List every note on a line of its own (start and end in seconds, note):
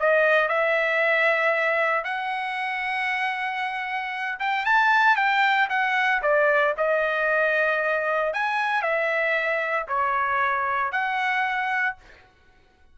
0.00 0.48 D#5
0.48 2.04 E5
2.04 4.39 F#5
4.39 4.66 G5
4.66 5.16 A5
5.16 5.68 G5
5.70 6.22 F#5
6.23 6.75 D5
6.78 8.34 D#5
8.34 8.82 G#5
8.82 9.87 E5
9.88 10.92 C#5
10.92 11.96 F#5